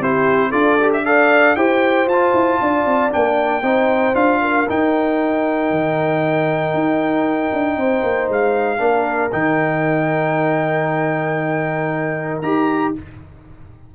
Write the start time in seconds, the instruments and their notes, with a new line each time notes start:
0.00 tuba C4, trombone E4, horn G4, trumpet C5
0.49 tuba D4, trombone F4, horn A4, trumpet D5
0.82 trombone G4
0.93 trumpet E5
1.05 trombone A4, horn D5, trumpet F5
1.56 tuba E4, trombone G4, horn C5, trumpet G5
2.06 tuba F4, trombone F4, trumpet A5
2.33 tuba E4
2.61 tuba D4, horn D5
2.85 tuba C4
3.10 tuba A#3, trombone D4, trumpet G5
3.62 tuba C4, trombone D#4, horn C5
4.14 tuba D4, trombone F4, trumpet F5
4.41 horn A#4
4.69 trombone D#4, tuba D#4, trumpet G5
5.71 tuba D#3
6.73 tuba D#4
7.53 tuba D4
7.76 tuba C4, horn C5
8.03 tuba A#3
8.29 tuba G#3, trumpet F5
8.78 tuba A#3, trombone D4, horn A#4
9.32 tuba D#3, trombone D#4, trumpet G5
12.41 tuba D#4, trombone G4, trumpet A#5